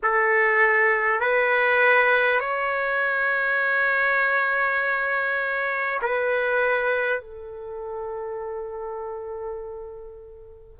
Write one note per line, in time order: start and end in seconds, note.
0.02 1.20 A4
1.20 2.40 B4
2.40 6.00 C#5
6.02 7.20 B4
7.20 10.79 A4